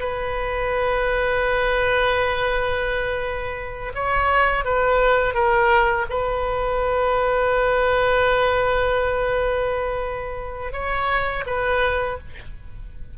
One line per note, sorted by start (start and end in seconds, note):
0.00 3.93 B4
3.95 4.65 C#5
4.65 5.34 B4
5.34 6.06 A#4
6.10 10.73 B4
10.73 11.44 C#5
11.46 12.18 B4